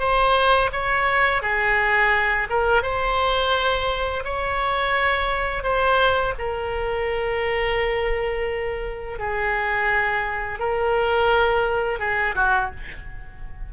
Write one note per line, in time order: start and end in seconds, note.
0.00 0.71 C5
0.73 1.42 C#5
1.42 2.48 G#4
2.50 2.83 A#4
2.83 4.24 C5
4.24 5.63 C#5
5.63 6.34 C5
6.39 9.19 A#4
9.19 10.59 G#4
10.59 12.00 A#4
12.00 12.35 G#4
12.36 12.71 F#4